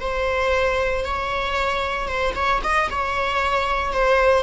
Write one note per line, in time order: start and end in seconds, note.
0.00 1.04 C5
1.04 2.08 C#5
2.08 2.34 C5
2.35 2.61 C#5
2.63 2.89 D#5
2.90 3.92 C#5
3.92 4.43 C5